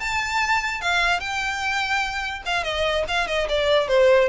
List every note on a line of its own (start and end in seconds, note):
0.00 0.81 A5
0.81 1.20 F5
1.20 2.43 G5
2.46 2.64 F5
2.64 3.05 D#5
3.08 3.27 F5
3.27 3.47 D#5
3.49 3.88 D5
3.88 4.29 C5